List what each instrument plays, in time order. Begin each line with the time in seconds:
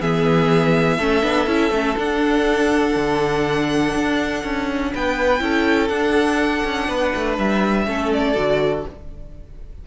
0.00 cello E3, viola B3, violin G#4 E5
0.97 cello A3, viola C#4, violin A4
1.22 cello B3, viola D4
1.46 cello C#4, viola E4
1.70 cello A3, viola C#4
1.95 viola D4, cello D4, violin F#5
2.95 cello D3
3.95 cello D4
4.43 cello C#4
4.93 cello B3, violin B4 G5
5.39 cello C#4, viola E4, violin A4
5.87 cello D4, viola D4, violin F#5
6.64 cello C#4
6.87 cello B3, violin B4
7.14 cello A3
7.38 cello G3, violin E5
7.86 cello A3, viola C#4, violin A4
8.12 violin D5
8.35 cello D3, viola F#4